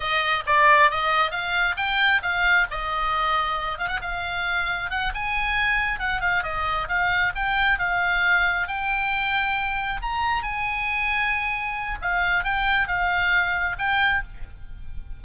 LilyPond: \new Staff \with { instrumentName = "oboe" } { \time 4/4 \tempo 4 = 135 dis''4 d''4 dis''4 f''4 | g''4 f''4 dis''2~ | dis''8 f''16 fis''16 f''2 fis''8 gis''8~ | gis''4. fis''8 f''8 dis''4 f''8~ |
f''8 g''4 f''2 g''8~ | g''2~ g''8 ais''4 gis''8~ | gis''2. f''4 | g''4 f''2 g''4 | }